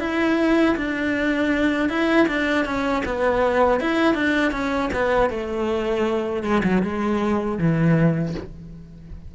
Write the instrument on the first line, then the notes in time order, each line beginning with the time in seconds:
cello
0.00 E4
0.77 D4
1.89 E4
2.28 D4
2.65 C#4
3.05 B3
3.80 E4
4.14 D4
4.52 C#4
4.93 B3
5.30 A3
6.43 G#3
6.64 F#3
6.83 G#3
7.58 E3